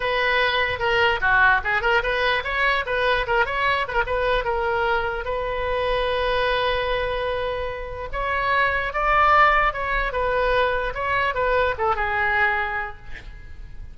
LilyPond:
\new Staff \with { instrumentName = "oboe" } { \time 4/4 \tempo 4 = 148 b'2 ais'4 fis'4 | gis'8 ais'8 b'4 cis''4 b'4 | ais'8 cis''4 b'16 ais'16 b'4 ais'4~ | ais'4 b'2.~ |
b'1 | cis''2 d''2 | cis''4 b'2 cis''4 | b'4 a'8 gis'2~ gis'8 | }